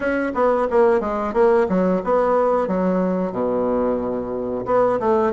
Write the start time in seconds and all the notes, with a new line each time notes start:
0.00 C#4
0.34 B3
0.70 A#3
1.00 G#3
1.33 A#3
1.68 F#3
2.03 B3
2.67 F#3
3.32 B2
4.65 B3
4.99 A3